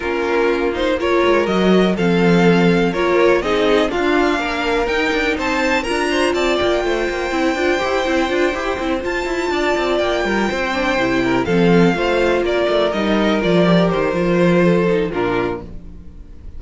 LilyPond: <<
  \new Staff \with { instrumentName = "violin" } { \time 4/4 \tempo 4 = 123 ais'4. c''8 cis''4 dis''4 | f''2 cis''4 dis''4 | f''2 g''4 a''4 | ais''4 a''8 g''2~ g''8~ |
g''2~ g''8 a''4.~ | a''8 g''2. f''8~ | f''4. d''4 dis''4 d''8~ | d''8 c''2~ c''8 ais'4 | }
  \new Staff \with { instrumentName = "violin" } { \time 4/4 f'2 ais'2 | a'2 ais'4 gis'4 | f'4 ais'2 c''4 | ais'8 c''8 d''4 c''2~ |
c''2.~ c''8 d''8~ | d''4 ais'8 c''4. ais'8 a'8~ | a'8 c''4 ais'2~ ais'8~ | ais'2 a'4 f'4 | }
  \new Staff \with { instrumentName = "viola" } { \time 4/4 cis'4. dis'8 f'4 fis'4 | c'2 f'4 dis'4 | d'2 dis'2 | f'2. e'8 f'8 |
g'8 e'8 f'8 g'8 e'8 f'4.~ | f'2 d'8 e'4 c'8~ | c'8 f'2 dis'4 f'8 | g'4 f'4. dis'8 d'4 | }
  \new Staff \with { instrumentName = "cello" } { \time 4/4 ais2~ ais8 gis8 fis4 | f2 ais4 c'4 | d'4 ais4 dis'8 d'8 c'4 | d'4 c'8 ais8 a8 ais8 c'8 d'8 |
e'8 c'8 d'8 e'8 c'8 f'8 e'8 d'8 | c'8 ais8 g8 c'4 c4 f8~ | f8 a4 ais8 a8 g4 f8~ | f8 dis8 f2 ais,4 | }
>>